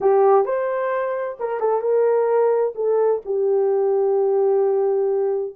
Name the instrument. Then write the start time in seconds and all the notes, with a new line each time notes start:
horn
0.00 G4
0.45 C5
1.39 A#4
1.59 A4
1.81 A#4
2.75 A4
3.25 G4